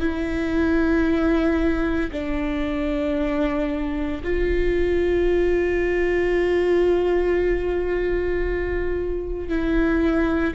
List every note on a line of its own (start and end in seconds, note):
0.00 2.11 E4
2.11 4.22 D4
4.23 9.49 F4
9.49 10.54 E4